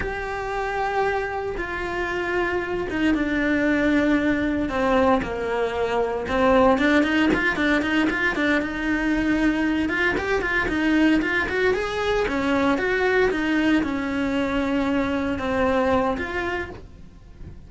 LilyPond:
\new Staff \with { instrumentName = "cello" } { \time 4/4 \tempo 4 = 115 g'2. f'4~ | f'4. dis'8 d'2~ | d'4 c'4 ais2 | c'4 d'8 dis'8 f'8 d'8 dis'8 f'8 |
d'8 dis'2~ dis'8 f'8 g'8 | f'8 dis'4 f'8 fis'8 gis'4 cis'8~ | cis'8 fis'4 dis'4 cis'4.~ | cis'4. c'4. f'4 | }